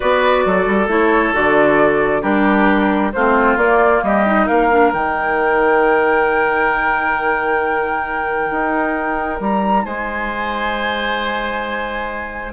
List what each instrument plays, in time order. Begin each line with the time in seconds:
0.00 bassoon B3, clarinet F#4, oboe B4, flute D5
0.45 bassoon F#3, oboe A4
0.66 bassoon G3
0.87 bassoon A3, clarinet E4, flute C#5
1.33 bassoon D3, clarinet F#4, flute D5
2.21 bassoon G3, clarinet D4, oboe G4, flute A#4
3.12 bassoon A3, clarinet C4, oboe F4, flute C5
3.56 bassoon A#3, clarinet A#3, flute D5
4.02 bassoon G3, oboe G4, flute D#5
4.26 clarinet D#4
4.46 bassoon A#3, oboe A#4, flute F5
4.71 clarinet D4
4.92 bassoon D#3, clarinet D#4, flute G5
8.50 bassoon D#4
9.39 bassoon G3, flute A#5
9.84 bassoon G#3, oboe C5, flute G#5